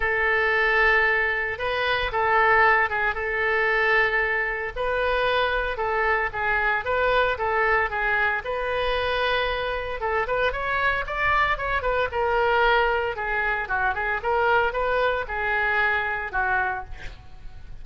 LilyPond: \new Staff \with { instrumentName = "oboe" } { \time 4/4 \tempo 4 = 114 a'2. b'4 | a'4. gis'8 a'2~ | a'4 b'2 a'4 | gis'4 b'4 a'4 gis'4 |
b'2. a'8 b'8 | cis''4 d''4 cis''8 b'8 ais'4~ | ais'4 gis'4 fis'8 gis'8 ais'4 | b'4 gis'2 fis'4 | }